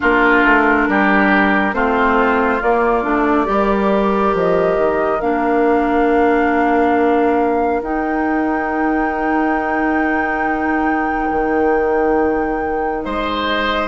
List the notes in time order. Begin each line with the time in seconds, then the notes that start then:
0.00 A#3 D4 F4 A#4
0.44 A3
0.88 G3 G4
1.73 A3 C4 F4 C5
2.61 A#3 D5
3.02 A3 D4
3.45 G3 G4 A#4
4.34 F3 D#5
4.77 D#3
5.20 A#3 D4 F5
7.81 D#4 G5
11.30 D#3
13.04 G#3 C5 D#5